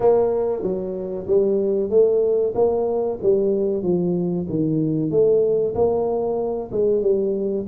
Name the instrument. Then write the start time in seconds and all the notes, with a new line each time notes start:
tuba
0.00 A#3
0.62 F#3
1.27 G3
1.89 A3
2.54 A#3
3.22 G3
3.82 F3
4.49 D#3
5.10 A3
5.74 A#3
6.71 G#3
7.02 G3